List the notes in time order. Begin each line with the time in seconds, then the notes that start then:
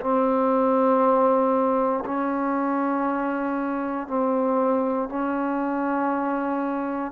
0.00 C4
2.05 C#4
4.07 C4
5.09 C#4